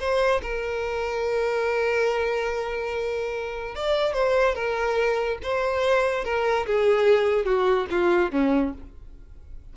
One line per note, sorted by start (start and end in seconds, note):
0.00 0.42 C5
0.43 3.76 A#4
3.76 4.14 D5
4.14 4.55 C5
4.55 5.39 A#4
5.43 6.25 C5
6.25 6.66 A#4
6.67 7.46 G#4
7.46 7.87 F#4
7.91 8.32 F4
8.32 8.73 C#4